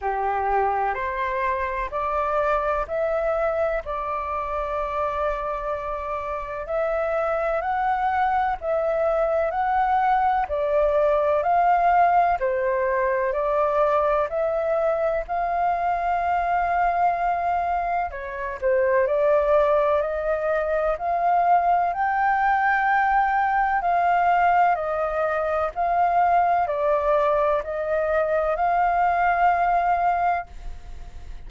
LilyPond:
\new Staff \with { instrumentName = "flute" } { \time 4/4 \tempo 4 = 63 g'4 c''4 d''4 e''4 | d''2. e''4 | fis''4 e''4 fis''4 d''4 | f''4 c''4 d''4 e''4 |
f''2. cis''8 c''8 | d''4 dis''4 f''4 g''4~ | g''4 f''4 dis''4 f''4 | d''4 dis''4 f''2 | }